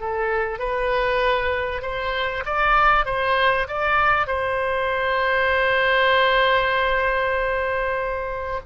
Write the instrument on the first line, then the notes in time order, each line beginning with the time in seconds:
oboe
0.00 A4
0.59 B4
1.82 C5
2.46 D5
3.06 C5
3.68 D5
4.27 C5